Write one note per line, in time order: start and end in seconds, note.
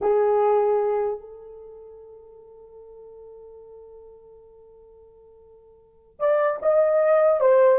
0.01 1.19 G#4
1.19 6.19 A4
6.19 6.59 D5
6.61 7.40 D#5
7.40 7.79 C5